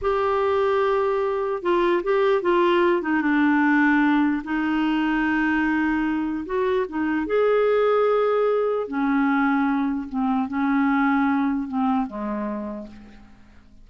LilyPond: \new Staff \with { instrumentName = "clarinet" } { \time 4/4 \tempo 4 = 149 g'1 | f'4 g'4 f'4. dis'8 | d'2. dis'4~ | dis'1 |
fis'4 dis'4 gis'2~ | gis'2 cis'2~ | cis'4 c'4 cis'2~ | cis'4 c'4 gis2 | }